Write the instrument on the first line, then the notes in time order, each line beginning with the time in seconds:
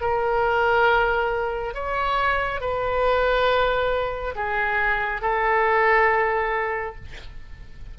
oboe
0.00 A#4
1.74 C#5
2.60 B4
4.35 G#4
5.21 A4